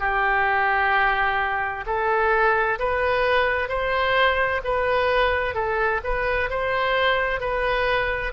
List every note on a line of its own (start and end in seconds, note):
0.00 1.85 G4
1.86 2.79 A4
2.79 3.68 B4
3.68 4.61 C5
4.64 5.55 B4
5.55 6.01 A4
6.04 6.50 B4
6.50 7.40 C5
7.40 8.32 B4